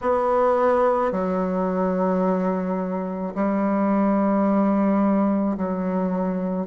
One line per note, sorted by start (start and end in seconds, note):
0.01 1.11 B3
1.11 3.33 F#3
3.34 5.57 G3
5.57 6.67 F#3